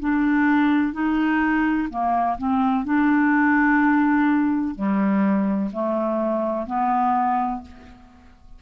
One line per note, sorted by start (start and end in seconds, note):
0.00 0.94 D4
0.94 1.89 D#4
1.90 2.38 A#3
2.38 2.85 C4
2.85 4.75 D4
4.75 5.71 G3
5.73 6.67 A3
6.67 7.62 B3